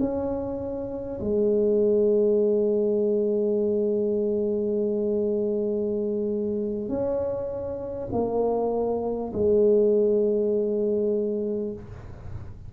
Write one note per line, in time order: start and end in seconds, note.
0.00 1.20 C#4
1.21 6.89 G#3
6.89 8.09 C#4
8.12 9.32 A#3
9.33 11.73 G#3